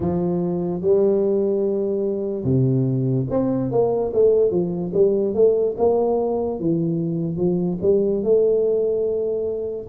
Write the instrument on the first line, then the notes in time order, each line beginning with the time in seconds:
tuba
0.00 F3
0.81 G3
2.44 C3
3.30 C4
3.71 A#3
4.13 A3
4.50 F3
4.93 G3
5.34 A3
5.77 A#3
6.59 E3
7.36 F3
7.82 G3
8.23 A3